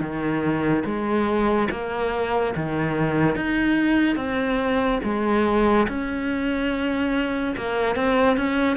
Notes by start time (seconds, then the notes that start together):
0.00 D#3
0.84 G#3
1.70 A#3
2.56 D#3
3.35 D#4
4.16 C4
5.03 G#3
5.88 C#4
7.56 A#3
7.95 C4
8.36 C#4